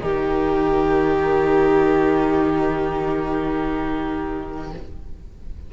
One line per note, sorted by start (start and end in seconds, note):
0.00 4.73 D#3
0.00 4.71 D#4
0.00 4.73 G4
0.00 4.71 A#4